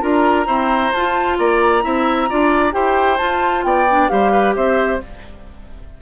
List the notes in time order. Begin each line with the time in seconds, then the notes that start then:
0.00 D4 F4 A#4 A#5
0.46 C4 E4 C5
0.92 F4 A5
1.38 A#3 D5 A#5
1.81 C4 E4 E5
2.29 D4 F4 D5
2.71 E4 G4 C5 G5
3.17 F4 A5
3.63 B3 D5 G5
3.90 D4
4.08 G3 G4 C5 F5
4.32 B4
4.55 C4 C5 E5